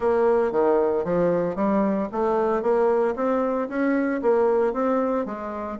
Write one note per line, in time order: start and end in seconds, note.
0.00 0.51 A#3
0.51 1.04 D#3
1.04 1.55 F3
1.55 2.08 G3
2.12 2.62 A3
2.62 3.15 A#3
3.15 3.68 C4
3.68 4.21 C#4
4.22 4.73 A#3
4.73 5.25 C4
5.25 5.78 G#3